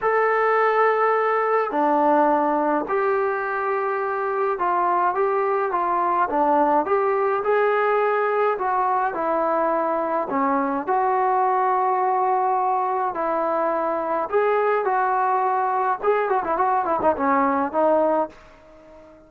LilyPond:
\new Staff \with { instrumentName = "trombone" } { \time 4/4 \tempo 4 = 105 a'2. d'4~ | d'4 g'2. | f'4 g'4 f'4 d'4 | g'4 gis'2 fis'4 |
e'2 cis'4 fis'4~ | fis'2. e'4~ | e'4 gis'4 fis'2 | gis'8 fis'16 e'16 fis'8 e'16 dis'16 cis'4 dis'4 | }